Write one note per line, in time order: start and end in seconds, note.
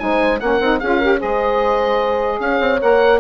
0.00 0.41 G#3
0.00 0.40 D#4
0.00 0.43 C5
0.00 0.40 G#5
0.40 0.61 A#3
0.40 0.61 C#4
0.40 0.82 A#4
0.40 0.80 F#5
0.61 0.81 C4
0.61 0.82 D#4
0.80 1.23 C#4
0.80 1.03 F4
0.80 0.99 G#4
0.80 1.20 F5
0.99 1.18 G4
0.99 1.19 A#4
1.18 2.40 G#3
1.18 2.78 G#4
1.18 2.40 C5
1.18 2.41 D#5
2.40 2.60 C#4
2.40 3.21 C#5
2.40 2.81 F5
2.61 2.81 C4
2.81 3.21 A#3
2.81 3.21 A#4
2.81 3.21 F#5